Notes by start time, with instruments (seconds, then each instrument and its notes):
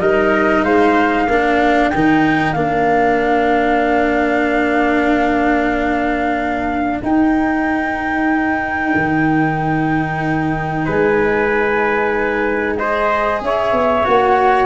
0.00 tuba G3, cello D#4, trumpet A#4, flute D#5
0.64 tuba G#3, trumpet C5, flute F5
1.28 tuba A#3, cello D4, trumpet A#4
1.89 tuba D#3, cello D#4, flute G5
2.53 tuba A#3, cello D4, flute F5
7.03 tuba D#4, cello D#4, flute G5
8.95 tuba D#3
10.85 tuba G#3, trumpet B4, flute G#5
12.77 cello G#4, trumpet C5, flute D#5
13.41 tuba C#4, trumpet C#5, flute E5
13.72 tuba B3
14.04 tuba A#3, cello F#4, flute F#5